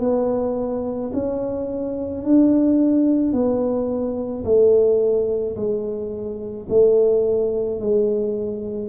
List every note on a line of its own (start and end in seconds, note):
0.00 1.11 B3
1.14 2.24 C#4
2.24 3.32 D4
3.32 4.43 B3
4.45 5.56 A3
5.57 6.68 G#3
6.70 7.80 A3
7.80 8.89 G#3